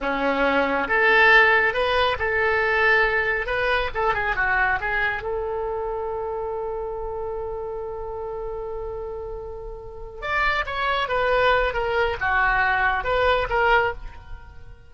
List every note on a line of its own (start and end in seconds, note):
0.01 0.88 C#4
0.88 1.73 A4
1.73 2.16 B4
2.19 3.46 A4
3.46 3.90 B4
3.94 4.14 A4
4.14 4.35 G#4
4.35 4.79 F#4
4.80 5.22 G#4
5.22 10.21 A4
10.21 10.64 D5
10.66 11.08 C#5
11.08 11.73 B4
11.73 12.16 A#4
12.20 13.04 F#4
13.04 13.47 B4
13.49 13.93 A#4